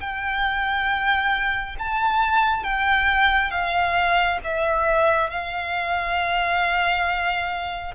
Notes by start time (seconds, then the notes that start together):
0.00 G5
1.78 A5
2.63 G5
3.51 F5
4.44 E5
5.30 F5